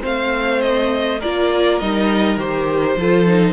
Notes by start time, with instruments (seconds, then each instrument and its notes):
0.00 cello A3, viola C4, violin C5 F5
0.62 violin D#5
1.19 cello A#3, viola F4, violin A#4 D5
1.79 cello G3, viola D#4, violin D#5
2.37 cello D#3, viola G4, violin C5
2.96 cello F3, viola F4, violin A4
3.27 viola D#4